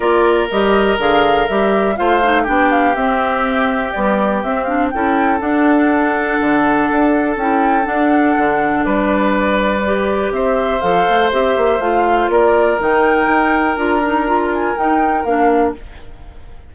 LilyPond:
<<
  \new Staff \with { instrumentName = "flute" } { \time 4/4 \tempo 4 = 122 d''4 dis''4 f''4 e''4 | f''4 g''8 f''8 e''2 | d''4 e''8 f''8 g''4 fis''4~ | fis''2. g''4 |
fis''2 d''2~ | d''4 e''4 f''4 e''4 | f''4 d''4 g''2 | ais''4. gis''8 g''4 f''4 | }
  \new Staff \with { instrumentName = "oboe" } { \time 4/4 ais'1 | c''4 g'2.~ | g'2 a'2~ | a'1~ |
a'2 b'2~ | b'4 c''2.~ | c''4 ais'2.~ | ais'1 | }
  \new Staff \with { instrumentName = "clarinet" } { \time 4/4 f'4 g'4 gis'4 g'4 | f'8 dis'8 d'4 c'2 | g4 c'8 d'8 e'4 d'4~ | d'2. e'4 |
d'1 | g'2 a'4 g'4 | f'2 dis'2 | f'8 dis'8 f'4 dis'4 d'4 | }
  \new Staff \with { instrumentName = "bassoon" } { \time 4/4 ais4 g4 d4 g4 | a4 b4 c'2 | b4 c'4 cis'4 d'4~ | d'4 d4 d'4 cis'4 |
d'4 d4 g2~ | g4 c'4 f8 a8 c'8 ais8 | a4 ais4 dis4 dis'4 | d'2 dis'4 ais4 | }
>>